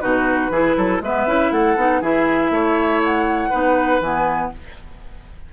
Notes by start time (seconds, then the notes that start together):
0.00 B2 D#4 F#4 B4
0.50 E3 E4 G#4
0.76 F#3 A4
1.00 G#3 B3 B4 E5
1.26 C#4 E4
1.51 A3 A4 F#5
1.76 B3 D#4
2.00 E3 E4 G#4 E5
2.50 A3 C#5
3.03 F#5
3.49 B3 D#4 B4
4.00 E3 B3 G#5